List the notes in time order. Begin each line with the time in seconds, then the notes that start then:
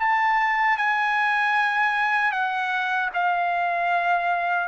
0.00 A5
0.78 G#5
2.32 F#5
3.14 F5